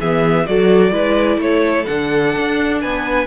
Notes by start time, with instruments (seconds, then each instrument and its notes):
0.00 cello E3, viola B3, violin G#4 E5
0.46 cello F#3, viola F#4, violin A4 D5
0.92 cello G#3, viola E4, violin B4
1.37 cello A3, violin A4 C#5
1.86 cello D3, viola D4, violin F#5
2.37 cello D4
2.81 cello B3, violin B4 G#5